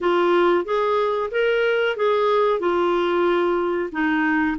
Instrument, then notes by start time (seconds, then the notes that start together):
clarinet
0.00 F4
0.65 G#4
1.31 A#4
1.96 G#4
2.59 F4
3.91 D#4